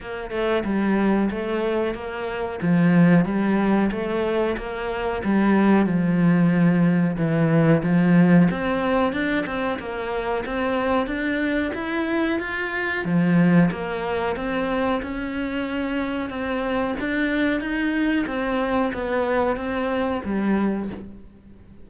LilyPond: \new Staff \with { instrumentName = "cello" } { \time 4/4 \tempo 4 = 92 ais8 a8 g4 a4 ais4 | f4 g4 a4 ais4 | g4 f2 e4 | f4 c'4 d'8 c'8 ais4 |
c'4 d'4 e'4 f'4 | f4 ais4 c'4 cis'4~ | cis'4 c'4 d'4 dis'4 | c'4 b4 c'4 g4 | }